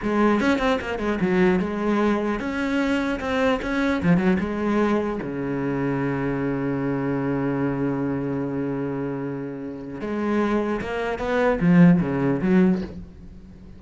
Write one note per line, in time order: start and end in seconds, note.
0.02 0.40 G#3
0.40 0.58 C#4
0.58 0.78 C4
0.80 0.99 A#3
0.99 1.19 G#3
1.21 1.59 F#3
1.59 2.39 G#3
2.39 3.19 C#4
3.20 3.60 C4
3.62 4.02 C#4
4.03 4.17 F3
4.17 4.37 F#3
4.39 5.19 G#3
5.22 10.01 C#3
10.01 10.81 G#3
10.81 11.18 A#3
11.18 11.58 B3
11.60 12.00 F3
12.01 12.41 C#3
12.41 12.81 F#3